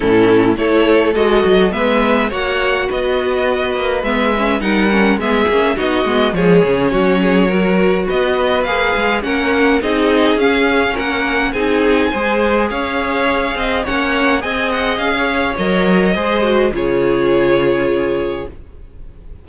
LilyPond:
<<
  \new Staff \with { instrumentName = "violin" } { \time 4/4 \tempo 4 = 104 a'4 cis''4 dis''4 e''4 | fis''4 dis''2 e''4 | fis''4 e''4 dis''4 cis''4~ | cis''2 dis''4 f''4 |
fis''4 dis''4 f''4 fis''4 | gis''2 f''2 | fis''4 gis''8 fis''8 f''4 dis''4~ | dis''4 cis''2. | }
  \new Staff \with { instrumentName = "violin" } { \time 4/4 e'4 a'2 b'4 | cis''4 b'2. | ais'4 gis'4 fis'4 gis'4 | fis'8 gis'8 ais'4 b'2 |
ais'4 gis'2 ais'4 | gis'4 c''4 cis''4. dis''8 | cis''4 dis''4~ dis''16 cis''4.~ cis''16 | c''4 gis'2. | }
  \new Staff \with { instrumentName = "viola" } { \time 4/4 cis'4 e'4 fis'4 b4 | fis'2. b8 cis'8 | dis'8 cis'8 b8 cis'8 dis'8 b8 gis8 cis'8~ | cis'4 fis'2 gis'4 |
cis'4 dis'4 cis'2 | dis'4 gis'2. | cis'4 gis'2 ais'4 | gis'8 fis'8 f'2. | }
  \new Staff \with { instrumentName = "cello" } { \time 4/4 a,4 a4 gis8 fis8 gis4 | ais4 b4. ais8 gis4 | g4 gis8 ais8 b8 gis8 f8 cis8 | fis2 b4 ais8 gis8 |
ais4 c'4 cis'4 ais4 | c'4 gis4 cis'4. c'8 | ais4 c'4 cis'4 fis4 | gis4 cis2. | }
>>